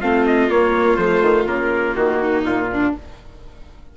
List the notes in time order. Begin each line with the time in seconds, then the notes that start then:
0.00 A3 C4 F4 F5
0.26 D#5
0.49 A#3 C#5
0.96 F3 A3 C5
1.22 D#3
1.46 C#3 A#3 A#4
1.96 D#3 F#4
2.20 D#4
2.43 A#2 F4
2.73 D4